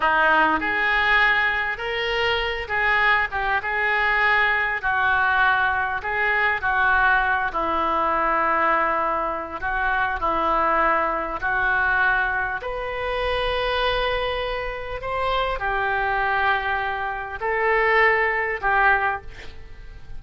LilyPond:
\new Staff \with { instrumentName = "oboe" } { \time 4/4 \tempo 4 = 100 dis'4 gis'2 ais'4~ | ais'8 gis'4 g'8 gis'2 | fis'2 gis'4 fis'4~ | fis'8 e'2.~ e'8 |
fis'4 e'2 fis'4~ | fis'4 b'2.~ | b'4 c''4 g'2~ | g'4 a'2 g'4 | }